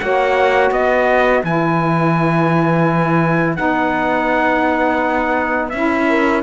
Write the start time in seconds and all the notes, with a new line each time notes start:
0.00 A#3 F#4 C#5 F#5
0.71 B3 B4 D#5
1.44 E3 E4 G#5
3.56 B3 D#4 F#5
5.70 C#4 E4 E5
6.10 A#4